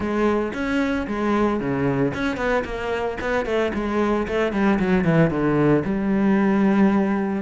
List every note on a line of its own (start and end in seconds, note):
0.00 0.52 G#3
0.53 1.06 C#4
1.07 1.60 G#3
1.60 2.13 C#3
2.14 2.37 C#4
2.37 2.63 B3
2.64 3.17 A#3
3.20 3.45 B3
3.45 3.72 A3
3.74 4.27 G#3
4.27 4.52 A3
4.52 4.78 G3
4.79 5.04 F#3
5.04 5.30 E3
5.30 5.83 D3
5.84 7.42 G3